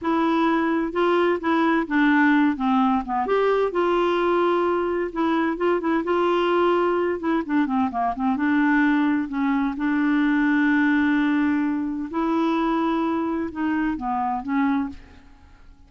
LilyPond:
\new Staff \with { instrumentName = "clarinet" } { \time 4/4 \tempo 4 = 129 e'2 f'4 e'4 | d'4. c'4 b8 g'4 | f'2. e'4 | f'8 e'8 f'2~ f'8 e'8 |
d'8 c'8 ais8 c'8 d'2 | cis'4 d'2.~ | d'2 e'2~ | e'4 dis'4 b4 cis'4 | }